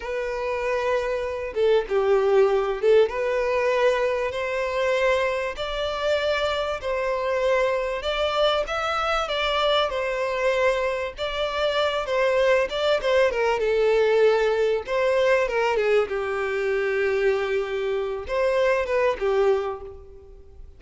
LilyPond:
\new Staff \with { instrumentName = "violin" } { \time 4/4 \tempo 4 = 97 b'2~ b'8 a'8 g'4~ | g'8 a'8 b'2 c''4~ | c''4 d''2 c''4~ | c''4 d''4 e''4 d''4 |
c''2 d''4. c''8~ | c''8 d''8 c''8 ais'8 a'2 | c''4 ais'8 gis'8 g'2~ | g'4. c''4 b'8 g'4 | }